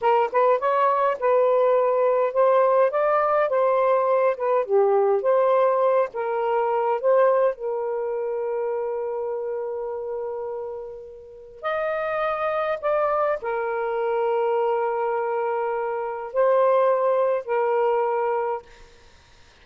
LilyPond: \new Staff \with { instrumentName = "saxophone" } { \time 4/4 \tempo 4 = 103 ais'8 b'8 cis''4 b'2 | c''4 d''4 c''4. b'8 | g'4 c''4. ais'4. | c''4 ais'2.~ |
ais'1 | dis''2 d''4 ais'4~ | ais'1 | c''2 ais'2 | }